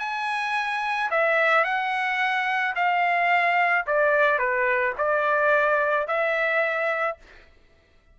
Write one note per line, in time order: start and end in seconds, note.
0.00 1.10 G#5
1.11 1.65 E5
1.65 2.75 F#5
2.76 3.86 F5
3.87 4.39 D5
4.39 4.94 B4
4.98 6.08 D5
6.08 7.18 E5